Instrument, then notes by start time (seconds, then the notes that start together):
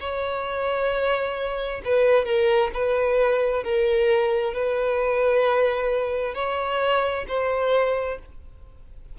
violin
0.00 C#5
1.85 B4
2.26 A#4
2.74 B4
3.64 A#4
4.54 B4
6.35 C#5
7.28 C5